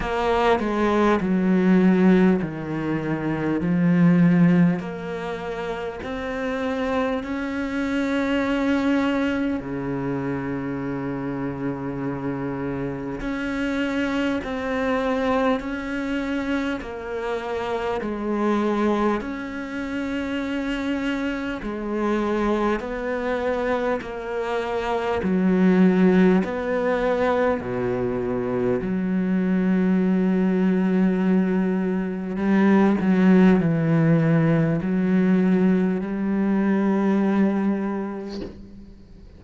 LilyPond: \new Staff \with { instrumentName = "cello" } { \time 4/4 \tempo 4 = 50 ais8 gis8 fis4 dis4 f4 | ais4 c'4 cis'2 | cis2. cis'4 | c'4 cis'4 ais4 gis4 |
cis'2 gis4 b4 | ais4 fis4 b4 b,4 | fis2. g8 fis8 | e4 fis4 g2 | }